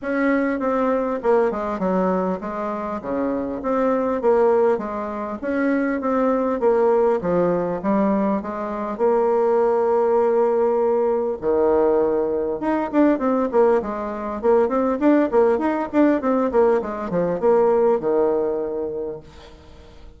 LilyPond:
\new Staff \with { instrumentName = "bassoon" } { \time 4/4 \tempo 4 = 100 cis'4 c'4 ais8 gis8 fis4 | gis4 cis4 c'4 ais4 | gis4 cis'4 c'4 ais4 | f4 g4 gis4 ais4~ |
ais2. dis4~ | dis4 dis'8 d'8 c'8 ais8 gis4 | ais8 c'8 d'8 ais8 dis'8 d'8 c'8 ais8 | gis8 f8 ais4 dis2 | }